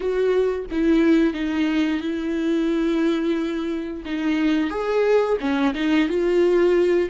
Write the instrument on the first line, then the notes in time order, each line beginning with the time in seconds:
viola
0.00 F#4
0.71 E4
1.33 D#4
2.00 E4
4.05 D#4
4.69 G#4
5.40 C#4
5.74 D#4
6.08 F4